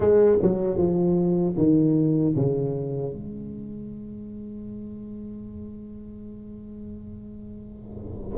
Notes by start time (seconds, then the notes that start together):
0.00 G#3
0.41 F#3
0.77 F3
1.57 D#3
2.35 C#3
3.12 G#3